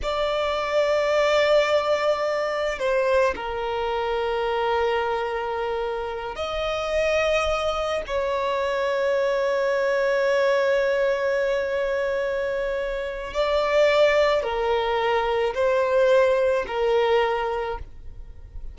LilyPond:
\new Staff \with { instrumentName = "violin" } { \time 4/4 \tempo 4 = 108 d''1~ | d''4 c''4 ais'2~ | ais'2.~ ais'8 dis''8~ | dis''2~ dis''8 cis''4.~ |
cis''1~ | cis''1 | d''2 ais'2 | c''2 ais'2 | }